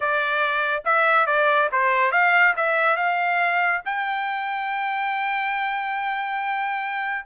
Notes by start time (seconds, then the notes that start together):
0.00 D5
0.85 E5
1.26 D5
1.71 C5
2.11 F5
2.56 E5
2.96 F5
3.85 G5